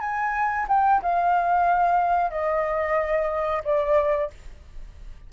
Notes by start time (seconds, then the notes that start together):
0.00 G#5
0.68 G5
1.02 F5
2.31 D#5
3.64 D5